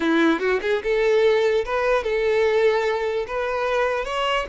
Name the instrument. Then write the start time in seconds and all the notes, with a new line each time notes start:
violin
0.00 E4
0.39 F#4
0.61 G#4
0.83 A4
1.65 B4
2.03 A4
3.27 B4
4.05 C#5